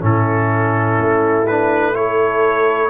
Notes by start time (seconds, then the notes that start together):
0.00 A2 C#4 E4 A4
0.99 A3
1.47 D4 B4
1.94 E4 A4 C#5